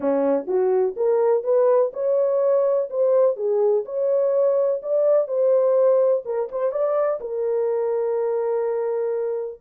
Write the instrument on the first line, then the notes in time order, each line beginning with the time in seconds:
horn
0.00 C#4
0.47 F#4
0.96 A#4
1.43 B4
1.93 C#5
2.90 C5
3.36 G#4
3.85 C#5
4.82 D5
5.27 C5
6.25 A#4
6.51 C5
6.71 D5
7.20 A#4